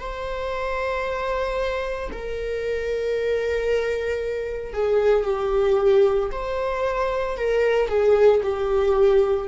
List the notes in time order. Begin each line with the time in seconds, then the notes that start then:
0.00 C5
2.12 A#4
4.74 G#4
5.25 G4
6.32 C5
7.38 A#4
7.89 G#4
8.44 G4